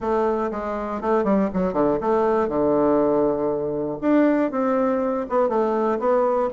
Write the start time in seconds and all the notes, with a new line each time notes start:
0.00 A3
0.51 G#3
1.01 A3
1.24 G3
1.53 F#3
1.73 D3
2.00 A3
2.48 D3
4.01 D4
4.51 C4
5.29 B3
5.48 A3
5.99 B3